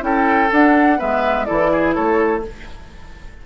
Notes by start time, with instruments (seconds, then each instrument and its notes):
0.00 bassoon C#4, clarinet E4, oboe A4, flute G5
0.50 clarinet D4, bassoon D4, flute F#5
0.98 bassoon G#3, clarinet B3, oboe B4, flute E5
1.45 bassoon E3, clarinet E4, oboe A4, flute D5
1.72 oboe G#4
1.94 bassoon A3, oboe A4, flute C#5